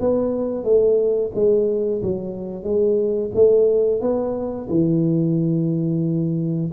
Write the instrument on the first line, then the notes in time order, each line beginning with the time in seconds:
tuba
0.00 B3
0.64 A3
1.35 G#3
2.02 F#3
2.63 G#3
3.35 A3
4.01 B3
4.69 E3